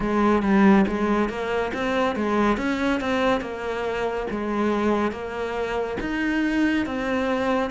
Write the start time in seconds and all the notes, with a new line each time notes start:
0.00 G#3
0.42 G3
0.87 G#3
1.29 A#3
1.73 C4
2.15 G#3
2.57 C#4
3.00 C4
3.41 A#3
4.30 G#3
5.11 A#3
6.00 D#4
6.86 C4